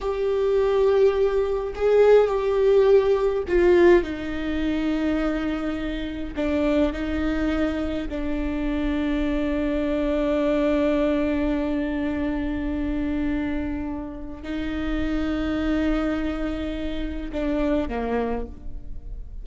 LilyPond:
\new Staff \with { instrumentName = "viola" } { \time 4/4 \tempo 4 = 104 g'2. gis'4 | g'2 f'4 dis'4~ | dis'2. d'4 | dis'2 d'2~ |
d'1~ | d'1~ | d'4 dis'2.~ | dis'2 d'4 ais4 | }